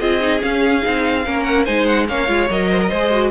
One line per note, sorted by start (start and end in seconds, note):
0.00 0.42 C4
0.00 0.21 F4
0.00 1.25 G#4
0.00 0.41 D#5
0.21 0.40 D#4
0.40 0.81 C#4
0.40 0.86 C#4
0.40 1.44 F5
0.82 1.28 C4
0.82 1.24 D#4
1.25 1.68 A#3
1.25 1.67 C#4
1.25 1.65 A#4
1.44 1.64 F#5
1.65 2.09 G#3
1.65 2.08 D#4
1.65 2.06 C5
1.65 1.86 G#5
1.86 2.07 F#5
2.08 2.28 A#3
2.08 2.28 C#4
2.08 2.70 C#5
2.08 2.50 F5
2.28 2.49 G#3
2.28 2.49 F4
2.49 2.91 F#3
2.49 2.92 A#4
2.49 3.31 D#5
2.71 2.81 C5
2.82 2.90 A#4
2.90 3.31 G#3
2.90 3.12 G#4
2.90 3.31 C5
3.12 3.31 F#4